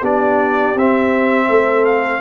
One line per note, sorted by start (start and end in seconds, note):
0.00 0.75 B3
0.00 0.76 D4
0.00 1.46 G4
0.00 0.78 D5
0.75 1.48 C4
0.75 2.21 C4
0.75 1.85 E5
1.49 2.21 A3
1.49 2.21 A4
1.85 2.21 F5